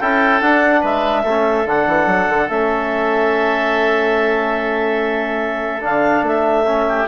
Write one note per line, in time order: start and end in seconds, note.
0.00 0.41 C#4
0.00 0.43 E4
0.00 0.81 A4
0.00 0.42 G5
0.41 0.83 D4
0.41 1.26 D4
0.41 0.84 F#5
0.81 1.24 G#3
0.81 1.23 B4
0.81 1.68 E5
1.23 1.66 A3
1.23 1.66 C#4
1.23 6.86 A4
1.66 1.87 D3
1.66 2.49 D4
1.66 2.49 F#5
1.87 2.06 E3
2.06 2.27 F#3
2.29 2.50 D3
2.49 5.83 A3
2.49 5.82 C#4
2.49 5.83 E5
5.82 6.23 D3
5.82 6.65 D4
5.82 6.25 F5
6.23 7.06 A3
6.23 7.09 E5
6.66 7.07 C#4
6.88 7.09 G4